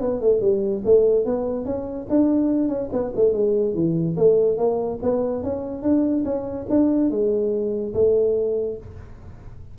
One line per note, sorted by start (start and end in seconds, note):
0.00 0.21 B3
0.21 0.41 A3
0.41 0.82 G3
0.85 1.25 A3
1.25 1.65 B3
1.65 2.07 C#4
2.09 2.68 D4
2.68 2.89 C#4
2.92 3.13 B3
3.16 3.33 A3
3.33 3.74 G#3
3.74 4.16 E3
4.17 4.58 A3
4.58 4.99 A#3
5.02 5.43 B3
5.43 5.82 C#4
5.82 6.24 D4
6.24 6.66 C#4
6.69 7.10 D4
7.10 7.94 G#3
7.94 8.77 A3